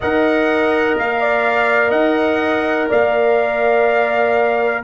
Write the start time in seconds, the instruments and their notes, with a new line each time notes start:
0.00 tuba D#4, trombone A#4, horn D#5, trumpet F#5
0.96 tuba A#3, trumpet F5
1.20 horn D5
1.89 tuba D#4, horn D#5, trumpet F#5
2.88 tuba A#3, horn D5, trumpet F5